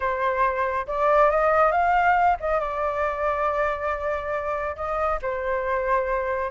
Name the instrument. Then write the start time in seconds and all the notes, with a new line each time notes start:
flute
0.00 C5
0.87 D5
1.30 D#5
1.71 F5
2.39 D#5
2.60 D5
4.75 D#5
5.22 C5